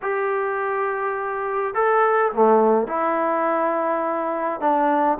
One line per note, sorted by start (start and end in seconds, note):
0.02 1.74 G4
1.74 2.32 A4
2.32 2.87 A3
2.87 4.60 E4
4.60 5.18 D4